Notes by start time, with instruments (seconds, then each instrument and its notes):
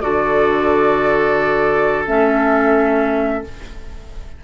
0.00 bassoon D3, clarinet F#4, oboe A4, flute D5
2.07 bassoon A3, clarinet C#4, flute E5